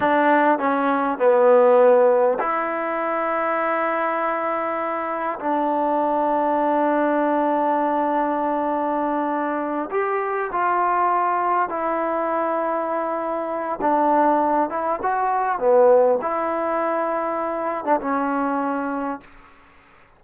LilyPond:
\new Staff \with { instrumentName = "trombone" } { \time 4/4 \tempo 4 = 100 d'4 cis'4 b2 | e'1~ | e'4 d'2.~ | d'1~ |
d'8 g'4 f'2 e'8~ | e'2. d'4~ | d'8 e'8 fis'4 b4 e'4~ | e'4.~ e'16 d'16 cis'2 | }